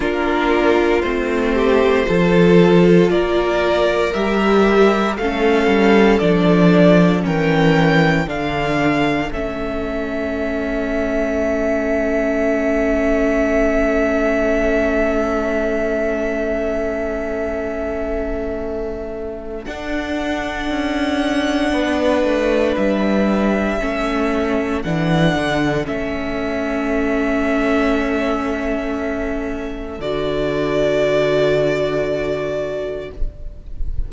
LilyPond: <<
  \new Staff \with { instrumentName = "violin" } { \time 4/4 \tempo 4 = 58 ais'4 c''2 d''4 | e''4 f''4 d''4 g''4 | f''4 e''2.~ | e''1~ |
e''2. fis''4~ | fis''2 e''2 | fis''4 e''2.~ | e''4 d''2. | }
  \new Staff \with { instrumentName = "violin" } { \time 4/4 f'4. g'8 a'4 ais'4~ | ais'4 a'2 ais'4 | a'1~ | a'1~ |
a'1~ | a'4 b'2 a'4~ | a'1~ | a'1 | }
  \new Staff \with { instrumentName = "viola" } { \time 4/4 d'4 c'4 f'2 | g'4 cis'4 d'4 cis'4 | d'4 cis'2.~ | cis'1~ |
cis'2. d'4~ | d'2. cis'4 | d'4 cis'2.~ | cis'4 fis'2. | }
  \new Staff \with { instrumentName = "cello" } { \time 4/4 ais4 a4 f4 ais4 | g4 a8 g8 f4 e4 | d4 a2.~ | a1~ |
a2. d'4 | cis'4 b8 a8 g4 a4 | e8 d8 a2.~ | a4 d2. | }
>>